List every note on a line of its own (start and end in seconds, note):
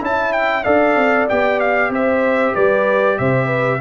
0.00 0.65 C#4
0.00 0.63 E4
0.00 0.65 E5
0.00 0.33 A5
0.33 0.64 G5
0.64 0.96 D4
0.64 1.29 A4
0.64 1.91 D5
0.64 1.27 F5
0.96 1.28 C4
1.29 1.90 B3
1.29 3.81 G4
1.29 1.60 G5
1.60 1.92 F5
1.90 2.53 C4
1.90 2.54 C5
1.90 2.56 E5
2.54 3.20 G3
2.54 3.17 B4
2.54 3.19 D5
3.19 3.81 C3
3.19 3.47 C5
3.19 3.81 E5
3.47 3.78 B4